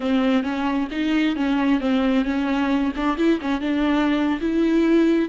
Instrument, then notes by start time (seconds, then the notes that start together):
viola
0.00 C4
0.43 C#4
0.91 D#4
1.36 C#4
1.80 C4
2.24 C#4
2.96 D4
3.17 E4
3.41 C#4
3.60 D4
4.40 E4